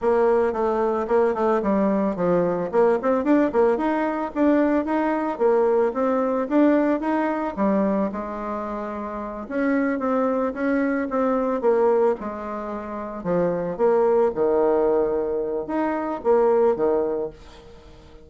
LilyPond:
\new Staff \with { instrumentName = "bassoon" } { \time 4/4 \tempo 4 = 111 ais4 a4 ais8 a8 g4 | f4 ais8 c'8 d'8 ais8 dis'4 | d'4 dis'4 ais4 c'4 | d'4 dis'4 g4 gis4~ |
gis4. cis'4 c'4 cis'8~ | cis'8 c'4 ais4 gis4.~ | gis8 f4 ais4 dis4.~ | dis4 dis'4 ais4 dis4 | }